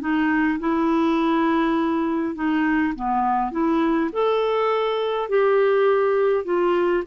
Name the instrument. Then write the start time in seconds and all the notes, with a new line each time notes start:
clarinet
0.00 D#4
0.59 E4
2.35 D#4
2.95 B3
3.51 E4
4.13 A4
5.29 G4
6.44 F4